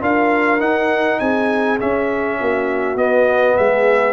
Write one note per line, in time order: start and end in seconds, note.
0.00 0.60 D4
0.00 0.59 F4
0.00 1.21 A#4
0.00 0.61 F5
0.59 1.78 D#4
0.59 1.19 D#4
0.59 1.19 F#5
1.19 1.80 C4
1.19 2.39 G#4
1.19 1.79 G#5
1.79 2.97 C#4
1.79 2.41 C#4
1.79 2.97 E5
2.39 2.95 A#3
2.39 3.56 F#4
2.95 3.55 B3
2.95 4.13 B3
2.95 3.57 D#5
3.56 4.13 G#3
3.56 4.13 G#4
3.56 4.13 E5